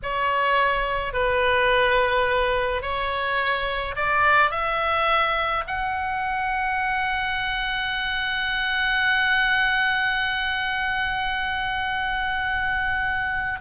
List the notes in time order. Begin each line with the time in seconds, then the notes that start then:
0.03 C#5
1.13 B4
2.81 C#5
3.96 D5
4.50 E5
5.67 F#5